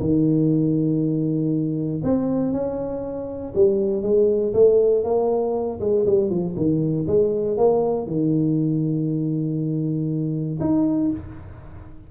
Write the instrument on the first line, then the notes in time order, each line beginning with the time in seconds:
tuba
0.00 D#3
2.03 C4
2.52 C#4
3.55 G3
4.02 G#3
4.54 A3
5.04 A#3
5.80 G#3
6.06 G3
6.30 F3
6.56 D#3
7.07 G#3
7.57 A#3
8.07 D#3
10.60 D#4